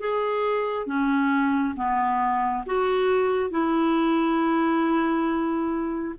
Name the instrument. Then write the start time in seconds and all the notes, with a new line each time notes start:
clarinet
0.00 G#4
0.86 C#4
1.76 B3
2.66 F#4
3.50 E4